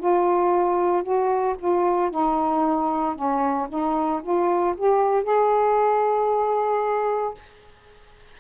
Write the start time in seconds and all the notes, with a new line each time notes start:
0.00 F4
1.03 F#4
1.59 F4
2.11 D#4
3.16 C#4
3.69 D#4
4.23 F4
4.78 G4
5.24 G#4